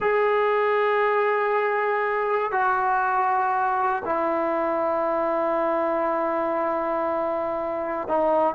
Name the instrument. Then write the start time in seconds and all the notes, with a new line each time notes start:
trombone
0.00 G#4
2.51 F#4
4.05 E4
8.08 D#4